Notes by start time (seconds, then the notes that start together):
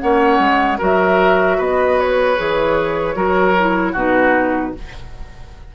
0.00 A#3 C#4 C#5 F#5
0.39 G#3
0.78 F#3 F#4 A#4 E5
1.58 B3 B4 D#5
2.00 C#5
2.37 E3 G#4
3.15 F#3 F#4 A#4
3.60 E4
3.93 B2 D#4 F#4 B4